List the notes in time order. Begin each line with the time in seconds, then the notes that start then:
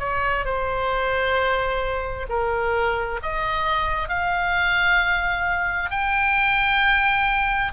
0.00 C#5
0.45 C5
2.29 A#4
3.23 D#5
4.09 F5
5.91 G5